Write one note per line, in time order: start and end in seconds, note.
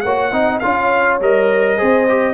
0.00 0.32 A#3
0.00 0.32 F#4
0.00 0.32 C#5
0.00 0.58 F#5
0.32 0.61 C4
0.32 0.61 D#4
0.32 0.62 D#5
0.59 1.20 C#4
0.59 1.21 F4
0.59 1.78 C#5
0.59 1.17 F5
1.20 1.78 G3
1.20 1.77 A#4
1.20 2.34 D#5
1.77 2.34 C4
1.77 2.06 G#4
1.77 2.34 C5
2.08 2.34 G4